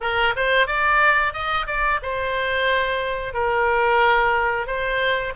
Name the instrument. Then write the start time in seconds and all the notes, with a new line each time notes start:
oboe
0.01 A#4
0.35 C5
0.66 D5
1.33 D#5
1.66 D5
2.02 C5
3.33 A#4
4.66 C5